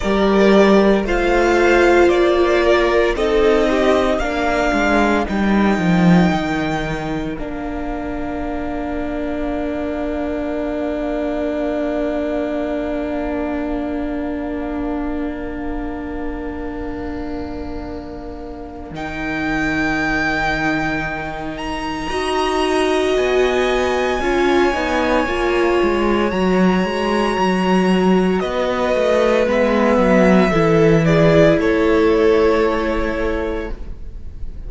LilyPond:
<<
  \new Staff \with { instrumentName = "violin" } { \time 4/4 \tempo 4 = 57 d''4 f''4 d''4 dis''4 | f''4 g''2 f''4~ | f''1~ | f''1~ |
f''2 g''2~ | g''8 ais''4. gis''2~ | gis''4 ais''2 dis''4 | e''4. d''8 cis''2 | }
  \new Staff \with { instrumentName = "violin" } { \time 4/4 ais'4 c''4. ais'8 a'8 g'8 | ais'1~ | ais'1~ | ais'1~ |
ais'1~ | ais'4 dis''2 cis''4~ | cis''2. b'4~ | b'4 a'8 gis'8 a'2 | }
  \new Staff \with { instrumentName = "viola" } { \time 4/4 g'4 f'2 dis'4 | d'4 dis'2 d'4~ | d'1~ | d'1~ |
d'2 dis'2~ | dis'4 fis'2 f'8 dis'8 | f'4 fis'2. | b4 e'2. | }
  \new Staff \with { instrumentName = "cello" } { \time 4/4 g4 a4 ais4 c'4 | ais8 gis8 g8 f8 dis4 ais4~ | ais1~ | ais1~ |
ais2 dis2~ | dis4 dis'4 b4 cis'8 b8 | ais8 gis8 fis8 gis8 fis4 b8 a8 | gis8 fis8 e4 a2 | }
>>